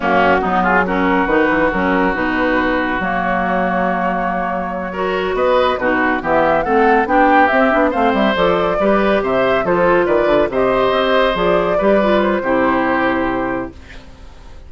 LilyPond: <<
  \new Staff \with { instrumentName = "flute" } { \time 4/4 \tempo 4 = 140 fis'4. gis'8 ais'4 b'4 | ais'4 b'2 cis''4~ | cis''1~ | cis''8 dis''4 b'4 e''4 fis''8~ |
fis''8 g''4 e''4 f''8 e''8 d''8~ | d''4. e''4 c''4 d''8~ | d''8 dis''2 d''4.~ | d''8 c''2.~ c''8 | }
  \new Staff \with { instrumentName = "oboe" } { \time 4/4 cis'4 dis'8 f'8 fis'2~ | fis'1~ | fis'2.~ fis'8 ais'8~ | ais'8 b'4 fis'4 g'4 a'8~ |
a'8 g'2 c''4.~ | c''8 b'4 c''4 a'4 b'8~ | b'8 c''2. b'8~ | b'4 g'2. | }
  \new Staff \with { instrumentName = "clarinet" } { \time 4/4 ais4 b4 cis'4 dis'4 | cis'4 dis'2 ais4~ | ais2.~ ais8 fis'8~ | fis'4. dis'4 b4 c'8~ |
c'8 d'4 c'8 d'8 c'4 a'8~ | a'8 g'2 f'4.~ | f'8 g'2 gis'4 g'8 | f'4 e'2. | }
  \new Staff \with { instrumentName = "bassoon" } { \time 4/4 fis,4 fis2 dis8 e8 | fis4 b,2 fis4~ | fis1~ | fis8 b4 b,4 e4 a8~ |
a8 b4 c'8 b8 a8 g8 f8~ | f8 g4 c4 f4 dis8 | d8 c4 c'4 f4 g8~ | g4 c2. | }
>>